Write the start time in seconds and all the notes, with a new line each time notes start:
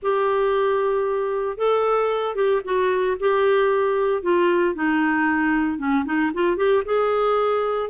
0.02 G4
1.57 A4
2.35 G4
2.64 F#4
3.19 G4
4.22 F4
4.74 D#4
5.78 C#4
6.05 D#4
6.34 F4
6.56 G4
6.85 G#4